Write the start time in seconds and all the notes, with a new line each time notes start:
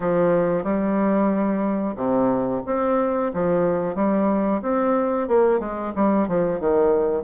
0.00 F3
0.63 G3
1.96 C3
2.66 C4
3.33 F3
3.95 G3
4.62 C4
5.27 A#3
5.59 G#3
5.95 G3
6.28 F3
6.60 D#3